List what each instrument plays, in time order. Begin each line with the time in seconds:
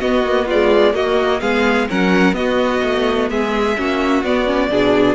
0.00 viola B3, cello B3, violin F#4 D#5
0.25 viola A#3
0.46 viola G#3, violin F4 D5
0.93 cello A#3, viola A#3, violin F#4 D#5
1.40 cello G#3, viola B3, violin G#4 F5
1.89 cello F#3, viola C#4, violin A#4 F#5
2.33 cello B3, viola B3, violin F#4 D#5
2.84 cello A3
3.30 cello G#3, violin G#4 E5
3.77 cello A#3, viola C#4, violin F#4
4.23 cello B3, viola B3, violin D5
4.46 viola C#4
4.69 cello B2, viola D4, violin G#4